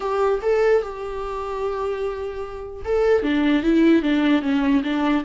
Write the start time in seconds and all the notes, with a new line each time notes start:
0.00 G4
0.42 A4
0.82 G4
2.84 A4
3.23 D4
3.62 E4
4.02 D4
4.42 C#4
4.83 D4